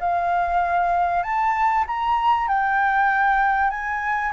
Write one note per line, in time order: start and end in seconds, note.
0.00 1.23 F5
1.23 1.85 A5
1.87 2.48 A#5
2.48 3.70 G5
3.70 4.32 G#5